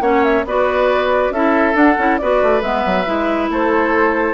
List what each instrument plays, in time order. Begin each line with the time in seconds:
0.00 bassoon A#3, clarinet C#4, oboe C#5, flute F#5
0.23 flute E5
0.45 bassoon B3, clarinet F#4, oboe B4, flute D5
1.30 bassoon C#4, clarinet E4, oboe A4, flute E5
1.74 clarinet D4, bassoon D4, flute F#5
1.98 bassoon C#4, clarinet E4
2.18 bassoon B3, clarinet F#4, oboe B4, flute D5
2.42 bassoon A3
2.62 bassoon G#3, clarinet B3, flute E5
2.85 bassoon F#3
3.06 bassoon G#3, clarinet E4
3.49 bassoon A3, oboe A4, flute C5